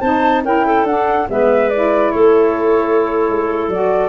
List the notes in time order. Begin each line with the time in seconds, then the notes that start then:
0.00 C4 D#4 C5 A5
0.43 C#4 E4 A#4 G5
0.65 A4
0.84 D4 F#5
1.29 G#3 B3 B4 E5
1.69 E4 D5
2.11 A3 A4 C#5
3.29 G#3
3.68 F#3 F#4 D5